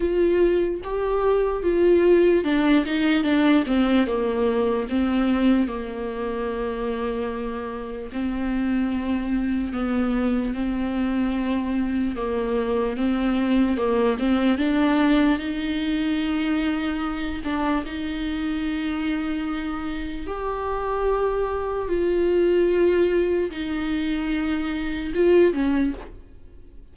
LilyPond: \new Staff \with { instrumentName = "viola" } { \time 4/4 \tempo 4 = 74 f'4 g'4 f'4 d'8 dis'8 | d'8 c'8 ais4 c'4 ais4~ | ais2 c'2 | b4 c'2 ais4 |
c'4 ais8 c'8 d'4 dis'4~ | dis'4. d'8 dis'2~ | dis'4 g'2 f'4~ | f'4 dis'2 f'8 cis'8 | }